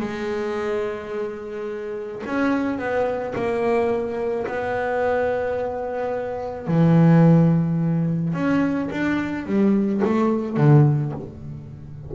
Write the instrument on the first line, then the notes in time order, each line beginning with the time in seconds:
double bass
0.00 G#3
2.26 C#4
2.78 B3
3.35 A#3
4.46 B3
6.67 E3
8.33 C#4
8.91 D4
9.46 G3
10.04 A3
10.57 D3